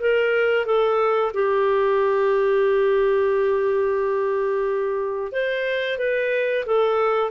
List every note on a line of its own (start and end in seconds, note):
0.00 0.65 A#4
0.65 1.32 A4
1.34 5.32 G4
5.32 5.98 C5
5.98 6.65 B4
6.66 7.31 A4